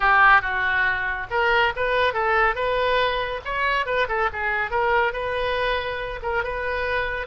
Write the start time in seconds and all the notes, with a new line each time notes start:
0.00 G4
0.41 F#4
1.30 A#4
1.76 B4
2.13 A4
2.55 B4
3.44 C#5
3.86 B4
4.08 A4
4.32 G#4
4.70 A#4
5.13 B4
6.22 A#4
6.43 B4